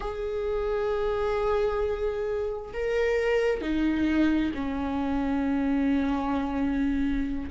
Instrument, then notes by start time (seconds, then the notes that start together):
viola
0.00 G#4
2.73 A#4
3.61 D#4
4.54 C#4